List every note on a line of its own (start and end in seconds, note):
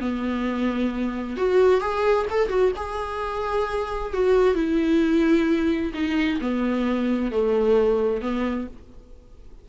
0.00 1.36 B3
1.36 1.80 F#4
1.80 2.26 G#4
2.30 2.48 A4
2.48 2.71 F#4
2.76 4.13 G#4
4.13 4.54 F#4
4.54 5.92 E4
5.94 6.39 D#4
6.41 7.31 B3
7.31 8.21 A3
8.21 8.67 B3